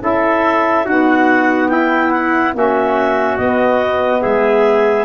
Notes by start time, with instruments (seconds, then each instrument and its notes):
0.00 tuba C#4, saxophone E4, trumpet A4, clarinet E5
0.85 saxophone B3, tuba D#4, trumpet F#4, clarinet F#5
1.68 tuba E4, trumpet E4, clarinet G5
2.10 clarinet F#5
2.53 tuba A#3, saxophone C#4, trumpet F#4, clarinet E5
3.37 tuba B3, saxophone B3, clarinet D#5
4.21 tuba G#3, trumpet G#4, clarinet E5